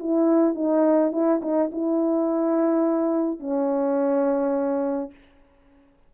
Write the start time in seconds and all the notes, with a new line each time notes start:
0.00 E4
0.55 D#4
1.12 E4
1.42 D#4
1.72 E4
3.40 C#4